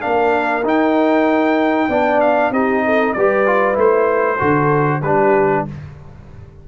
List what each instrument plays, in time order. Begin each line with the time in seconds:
0.00 tuba A#3, trombone D4, horn A#4, trumpet F5
0.63 tuba D#4, trombone D#4, trumpet G5
1.88 tuba B3, trombone D4, horn D5
2.21 trumpet F5
2.50 tuba C4, trombone D#4, horn G4, trumpet D#5
2.85 horn A4
3.13 tuba G3, trombone G4, horn B4, trumpet D5
3.46 trombone F4
3.74 tuba A3, trombone E4
3.80 trumpet C5
4.39 tuba D3, trombone F#4, horn A4
5.01 tuba G3, trombone D4, horn G4, trumpet B4